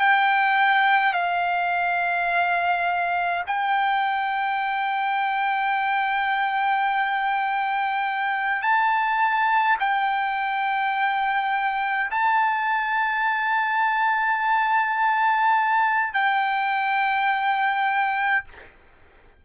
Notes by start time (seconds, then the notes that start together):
0.00 G5
1.13 F5
3.47 G5
8.62 A5
9.79 G5
12.10 A5
16.14 G5